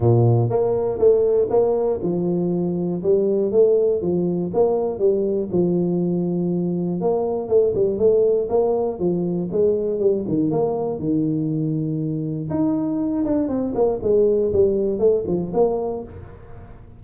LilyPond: \new Staff \with { instrumentName = "tuba" } { \time 4/4 \tempo 4 = 120 ais,4 ais4 a4 ais4 | f2 g4 a4 | f4 ais4 g4 f4~ | f2 ais4 a8 g8 |
a4 ais4 f4 gis4 | g8 dis8 ais4 dis2~ | dis4 dis'4. d'8 c'8 ais8 | gis4 g4 a8 f8 ais4 | }